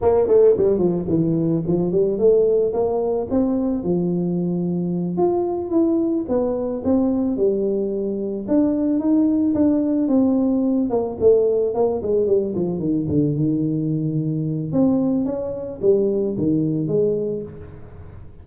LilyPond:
\new Staff \with { instrumentName = "tuba" } { \time 4/4 \tempo 4 = 110 ais8 a8 g8 f8 e4 f8 g8 | a4 ais4 c'4 f4~ | f4. f'4 e'4 b8~ | b8 c'4 g2 d'8~ |
d'8 dis'4 d'4 c'4. | ais8 a4 ais8 gis8 g8 f8 dis8 | d8 dis2~ dis8 c'4 | cis'4 g4 dis4 gis4 | }